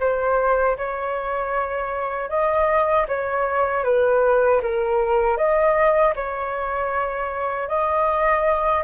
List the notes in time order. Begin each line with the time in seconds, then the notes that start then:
0.00 C5
0.77 C#5
2.29 D#5
3.08 C#5
3.84 B4
4.63 A#4
5.37 D#5
6.16 C#5
7.69 D#5